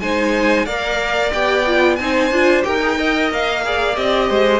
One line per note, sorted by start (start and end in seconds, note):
0.00 0.66 G#3
0.00 0.67 D#4
0.00 0.66 C5
0.00 0.66 G#5
0.66 1.32 A#3
0.66 1.33 A#4
0.66 1.98 D5
0.66 1.32 F5
1.33 2.00 B3
1.33 1.66 G4
1.33 1.96 G5
1.67 2.00 F4
1.96 2.31 C4
1.96 2.33 D#4
1.96 2.66 C5
1.96 2.62 G#5
2.31 2.64 D4
2.31 2.62 F4
2.62 3.31 D#4
2.62 2.79 G4
2.62 2.98 A#4
2.62 3.30 G5
2.82 2.98 G#4
2.98 3.64 A#4
2.98 3.64 D#5
3.31 3.97 A#3
3.31 3.96 F5
3.64 3.96 G#4
3.64 4.29 D5
3.96 4.30 C4
3.96 4.60 G4
3.96 4.60 D#5
4.29 4.60 G#3
4.29 4.60 C5